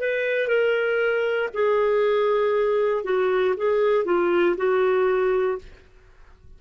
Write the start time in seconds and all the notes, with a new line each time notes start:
0.00 B4
0.48 A#4
1.54 G#4
3.04 F#4
3.57 G#4
4.05 F4
4.57 F#4